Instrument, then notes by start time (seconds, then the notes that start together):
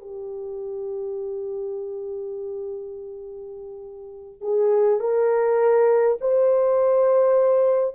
horn
0.00 G4
4.41 G#4
5.00 A#4
6.21 C5